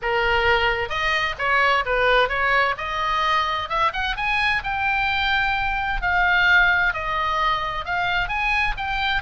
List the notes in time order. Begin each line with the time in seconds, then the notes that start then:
0.01 A#4
0.89 D#5
1.38 C#5
1.85 B4
2.28 C#5
2.77 D#5
3.69 E5
3.93 F#5
4.16 G#5
4.63 G5
6.01 F5
6.93 D#5
7.85 F5
8.28 G#5
8.77 G5